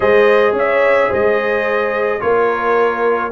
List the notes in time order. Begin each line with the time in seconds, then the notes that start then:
0.00 G#3 G#4 C5 D#5
0.52 C#4 C#5 E5
1.09 G#3 C5 D#5
2.20 A#3 F4 A#4 C#5